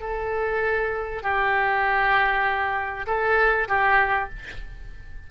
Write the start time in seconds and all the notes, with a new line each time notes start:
0.00 A4
1.22 G4
3.06 A4
3.68 G4